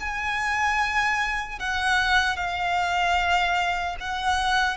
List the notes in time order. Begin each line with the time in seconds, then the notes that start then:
0.00 G#5
1.59 F#5
2.36 F5
4.00 F#5